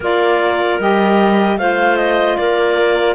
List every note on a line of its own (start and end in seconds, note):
0.00 0.78 A#3
0.00 0.79 F4
0.00 1.57 A#4
0.00 0.80 D5
0.79 1.58 G3
0.79 1.58 G4
0.79 1.58 D#5
1.58 2.37 A3
1.58 3.14 F4
1.58 2.38 C5
1.58 1.97 F5
1.97 2.36 D#5
2.37 3.14 A#3
2.37 3.14 A#4
2.37 3.14 D5